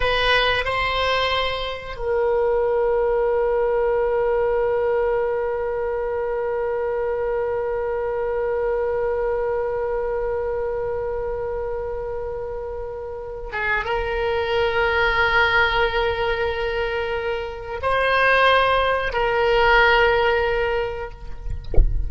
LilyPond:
\new Staff \with { instrumentName = "oboe" } { \time 4/4 \tempo 4 = 91 b'4 c''2 ais'4~ | ais'1~ | ais'1~ | ais'1~ |
ais'1~ | ais'8 gis'8 ais'2.~ | ais'2. c''4~ | c''4 ais'2. | }